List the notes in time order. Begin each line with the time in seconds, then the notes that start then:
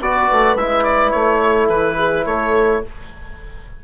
0.00 B3 F#4 B4 D5
0.32 A3
0.56 G#3 E4 E5
0.84 D5
1.11 A3 C#5
1.43 A4
1.69 E3 B4
1.97 G#4
2.26 A3 A4 C#5